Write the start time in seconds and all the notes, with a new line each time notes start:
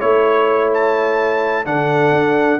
0.00 A3 E4 C#5
0.74 A5
1.65 D3 D4 A4 F#5
2.12 D4